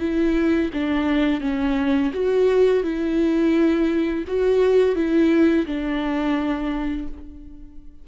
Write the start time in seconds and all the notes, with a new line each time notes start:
0.00 E4
0.74 D4
1.41 C#4
2.14 F#4
2.84 E4
4.28 F#4
4.96 E4
5.66 D4